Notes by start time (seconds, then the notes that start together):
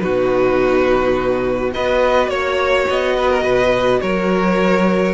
0.00 B2 D#4 F#4 B4
1.72 B3 F#4 B4 D#5
2.28 A#3 C#5
2.90 B3 D#5
3.18 B4
3.31 A#4
3.43 B2 B4
4.01 F#3 A#4 C#5